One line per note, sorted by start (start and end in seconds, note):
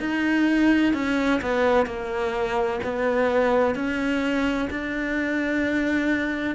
0.00 0.94 D#4
0.94 1.41 C#4
1.41 1.86 B3
1.86 2.80 A#3
2.83 3.75 B3
3.75 4.69 C#4
4.70 6.55 D4